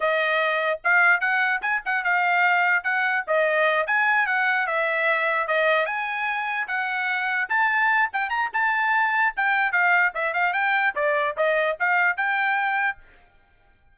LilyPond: \new Staff \with { instrumentName = "trumpet" } { \time 4/4 \tempo 4 = 148 dis''2 f''4 fis''4 | gis''8 fis''8 f''2 fis''4 | dis''4. gis''4 fis''4 e''8~ | e''4. dis''4 gis''4.~ |
gis''8 fis''2 a''4. | g''8 ais''8 a''2 g''4 | f''4 e''8 f''8 g''4 d''4 | dis''4 f''4 g''2 | }